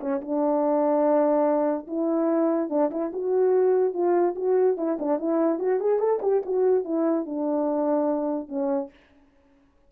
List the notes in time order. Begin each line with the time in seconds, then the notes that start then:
0.00 C#4
0.21 D4
1.87 E4
2.69 D4
2.90 E4
3.13 F#4
3.93 F4
4.35 F#4
4.77 E4
4.99 D4
5.19 E4
5.59 F#4
5.80 G#4
5.99 A4
6.22 G4
6.46 F#4
6.84 E4
7.25 D4
8.48 C#4